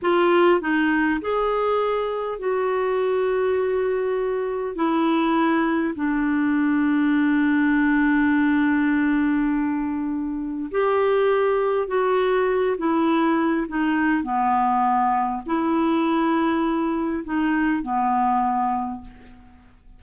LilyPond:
\new Staff \with { instrumentName = "clarinet" } { \time 4/4 \tempo 4 = 101 f'4 dis'4 gis'2 | fis'1 | e'2 d'2~ | d'1~ |
d'2 g'2 | fis'4. e'4. dis'4 | b2 e'2~ | e'4 dis'4 b2 | }